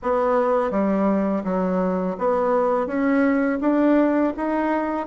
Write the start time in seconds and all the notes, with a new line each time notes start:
0.02 B3
0.70 G3
1.44 F#3
2.18 B3
2.86 C#4
3.60 D4
4.36 D#4